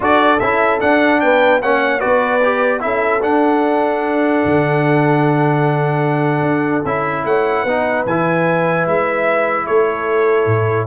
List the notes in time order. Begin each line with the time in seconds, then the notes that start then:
0.00 D4 F#4 A4 D5
0.39 C#4 E4 E5
0.80 D4 F#5
1.20 B3 B4 G5
1.61 A#3 C#4 C#5 F#5
1.99 B3 F#4 B4 D5
2.42 G4
2.80 C#4 E4 A4 E5
3.21 D4 F#5
4.45 D3
6.42 D4
6.84 C#4 E4 E5
7.24 A3 C#5 F#5
7.63 B3 D#4 B4
8.06 E3 E4 G#5
8.86 G#3 E5
9.66 A3 A4 C#5
10.46 A2